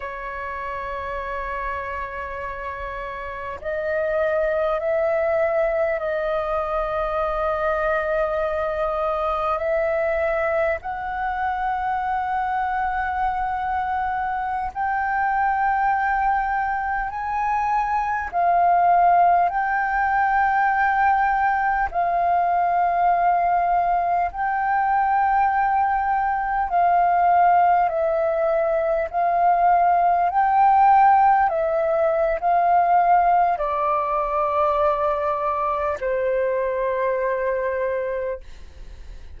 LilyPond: \new Staff \with { instrumentName = "flute" } { \time 4/4 \tempo 4 = 50 cis''2. dis''4 | e''4 dis''2. | e''4 fis''2.~ | fis''16 g''2 gis''4 f''8.~ |
f''16 g''2 f''4.~ f''16~ | f''16 g''2 f''4 e''8.~ | e''16 f''4 g''4 e''8. f''4 | d''2 c''2 | }